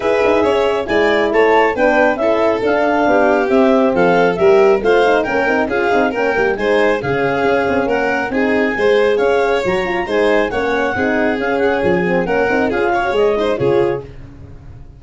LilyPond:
<<
  \new Staff \with { instrumentName = "clarinet" } { \time 4/4 \tempo 4 = 137 e''2 gis''4 a''4 | g''4 e''4 f''2 | e''4 f''4 e''4 f''4 | g''4 f''4 g''4 gis''4 |
f''2 fis''4 gis''4~ | gis''4 f''4 ais''4 gis''4 | fis''2 f''8 fis''8 gis''4 | fis''4 f''4 dis''4 cis''4 | }
  \new Staff \with { instrumentName = "violin" } { \time 4/4 b'4 cis''4 d''4 cis''4 | b'4 a'2 g'4~ | g'4 a'4 ais'4 c''4 | ais'4 gis'4 ais'4 c''4 |
gis'2 ais'4 gis'4 | c''4 cis''2 c''4 | cis''4 gis'2. | ais'4 gis'8 cis''4 c''8 gis'4 | }
  \new Staff \with { instrumentName = "horn" } { \time 4/4 gis'2 e'2 | d'4 e'4 d'2 | c'2 g'4 f'8 dis'8 | cis'8 dis'8 f'8 dis'8 cis'8 ais8 dis'4 |
cis'2. dis'4 | gis'2 fis'8 f'8 dis'4 | cis'4 dis'4 cis'4. c'8 | cis'8 dis'8 f'8. fis'16 gis'8 dis'8 f'4 | }
  \new Staff \with { instrumentName = "tuba" } { \time 4/4 e'8 dis'8 cis'4 gis4 a4 | b4 cis'4 d'4 b4 | c'4 f4 g4 a4 | ais8 c'8 cis'8 c'8 ais8 g8 gis4 |
cis4 cis'8 c'8 ais4 c'4 | gis4 cis'4 fis4 gis4 | ais4 c'4 cis'4 f4 | ais8 c'8 cis'4 gis4 cis4 | }
>>